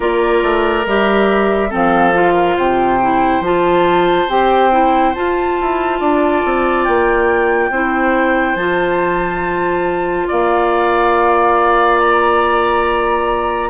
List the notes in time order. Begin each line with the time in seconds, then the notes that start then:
0.00 A#3 F4 A#4 D5
0.42 A3
0.86 G3 G4 E5
1.69 F3 C4 A4 F5
2.14 F4
2.33 A#4
2.56 C3 C5 G5
3.01 E4
3.39 F3 F4 A5
4.28 C4 G4 G5
4.71 E4
5.14 F4 A5
5.60 E4
6.00 D4 D5
6.44 C4
6.84 A#3 G5
7.70 C4 E4 C5
8.55 F3 F4 A5
10.27 A#3 D5 F5
11.99 A#5